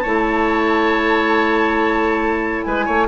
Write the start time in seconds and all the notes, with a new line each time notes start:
0.00 A3 E4 C#5 A5
2.64 G#3 B4 G#5
2.86 A3 C#5